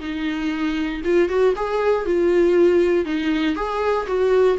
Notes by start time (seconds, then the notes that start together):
0.00 D#4
1.05 F4
1.29 F#4
1.56 G#4
2.06 F4
3.05 D#4
3.56 G#4
4.07 F#4